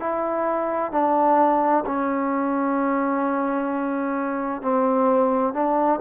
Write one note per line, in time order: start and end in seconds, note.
0.00 0.92 E4
0.92 1.84 D4
1.86 4.62 C#4
4.62 5.54 C4
5.54 6.00 D4